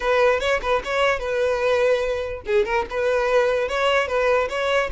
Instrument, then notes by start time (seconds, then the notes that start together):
violin
0.00 B4
0.40 C#5
0.61 B4
0.84 C#5
1.19 B4
2.46 G#4
2.65 A#4
2.90 B4
3.68 C#5
4.07 B4
4.49 C#5